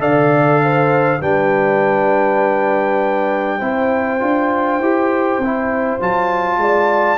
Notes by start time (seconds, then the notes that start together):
0.00 D3 A4 D5 F5
0.64 C5
1.21 G3 D4 B4 G5
3.59 C4 E4 C5
4.20 D4 F4
4.79 E4 G4
5.38 C4
5.45 E4
6.00 F#3 F4 A5
6.58 G#3 D5